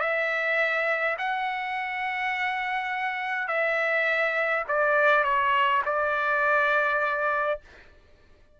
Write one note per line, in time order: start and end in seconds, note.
0.00 1.17 E5
1.18 3.48 F#5
3.48 4.64 E5
4.68 5.24 D5
5.24 5.82 C#5
5.85 7.60 D5